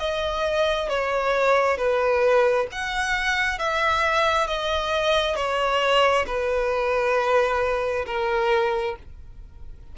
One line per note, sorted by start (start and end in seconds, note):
0.00 0.90 D#5
0.90 1.78 C#5
1.78 2.67 B4
2.72 3.59 F#5
3.59 4.47 E5
4.47 5.36 D#5
5.36 6.26 C#5
6.27 8.06 B4
8.06 8.96 A#4